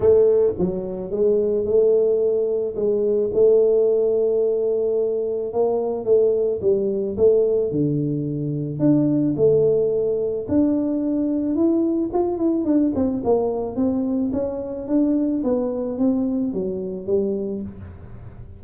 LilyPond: \new Staff \with { instrumentName = "tuba" } { \time 4/4 \tempo 4 = 109 a4 fis4 gis4 a4~ | a4 gis4 a2~ | a2 ais4 a4 | g4 a4 d2 |
d'4 a2 d'4~ | d'4 e'4 f'8 e'8 d'8 c'8 | ais4 c'4 cis'4 d'4 | b4 c'4 fis4 g4 | }